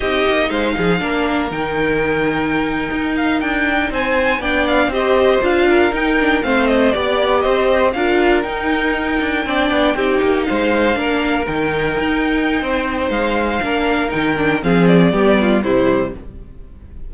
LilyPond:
<<
  \new Staff \with { instrumentName = "violin" } { \time 4/4 \tempo 4 = 119 dis''4 f''2 g''4~ | g''2~ g''16 f''8 g''4 gis''16~ | gis''8. g''8 f''8 dis''4 f''4 g''16~ | g''8. f''8 dis''8 d''4 dis''4 f''16~ |
f''8. g''2.~ g''16~ | g''8. f''2 g''4~ g''16~ | g''2 f''2 | g''4 f''8 d''4. c''4 | }
  \new Staff \with { instrumentName = "violin" } { \time 4/4 g'4 c''8 gis'8 ais'2~ | ais'2.~ ais'8. c''16~ | c''8. d''4 c''4. ais'8.~ | ais'8. c''4 d''4 c''4 ais'16~ |
ais'2~ ais'8. d''4 g'16~ | g'8. c''4 ais'2~ ais'16~ | ais'4 c''2 ais'4~ | ais'4 gis'4 g'8 f'8 e'4 | }
  \new Staff \with { instrumentName = "viola" } { \time 4/4 dis'2 d'4 dis'4~ | dis'1~ | dis'8. d'4 g'4 f'4 dis'16~ | dis'16 d'8 c'4 g'2 f'16~ |
f'8. dis'2 d'4 dis'16~ | dis'4.~ dis'16 d'4 dis'4~ dis'16~ | dis'2. d'4 | dis'8 d'8 c'4 b4 g4 | }
  \new Staff \with { instrumentName = "cello" } { \time 4/4 c'8 ais8 gis8 f8 ais4 dis4~ | dis4.~ dis16 dis'4 d'4 c'16~ | c'8. b4 c'4 d'4 dis'16~ | dis'8. a4 b4 c'4 d'16~ |
d'8. dis'4. d'8 c'8 b8 c'16~ | c'16 ais8 gis4 ais4 dis4 dis'16~ | dis'4 c'4 gis4 ais4 | dis4 f4 g4 c4 | }
>>